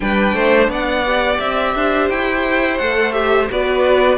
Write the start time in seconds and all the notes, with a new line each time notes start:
0.00 G3 D4 B4 G5
0.34 A3 C5
0.68 B3 D5 F#5
1.06 G4
1.39 C4 E5
1.74 D4 C5
2.09 E4 G5
2.77 A3 A4 F#5
3.12 G4 E5
3.50 B3 F#4 B4 D5